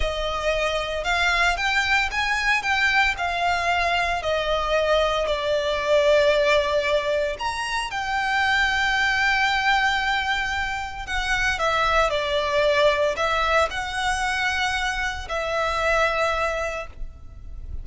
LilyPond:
\new Staff \with { instrumentName = "violin" } { \time 4/4 \tempo 4 = 114 dis''2 f''4 g''4 | gis''4 g''4 f''2 | dis''2 d''2~ | d''2 ais''4 g''4~ |
g''1~ | g''4 fis''4 e''4 d''4~ | d''4 e''4 fis''2~ | fis''4 e''2. | }